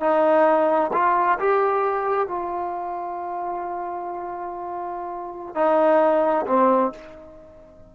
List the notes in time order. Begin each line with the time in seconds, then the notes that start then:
0.00 D#4
0.93 F4
1.39 G4
2.27 F4
5.55 D#4
6.46 C4